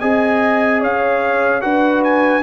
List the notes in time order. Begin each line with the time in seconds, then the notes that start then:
0.00 C4 G#4 D#5 G#5
0.80 C#4 C#5 F5
1.61 D4 F#4 B4 F#5
2.04 G#5